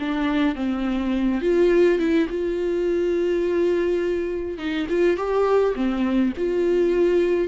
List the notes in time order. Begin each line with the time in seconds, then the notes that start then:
0.00 D4
0.56 C4
1.41 F4
1.99 E4
2.30 F4
4.58 D#4
4.89 F4
5.17 G4
5.75 C4
6.37 F4